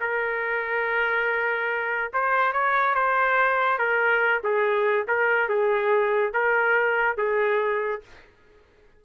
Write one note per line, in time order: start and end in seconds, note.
0.00 2.11 A#4
2.13 2.52 C5
2.52 2.95 C#5
2.95 3.78 C5
3.78 4.41 A#4
4.43 5.06 G#4
5.07 5.49 A#4
5.49 6.33 G#4
6.33 7.17 A#4
7.17 8.01 G#4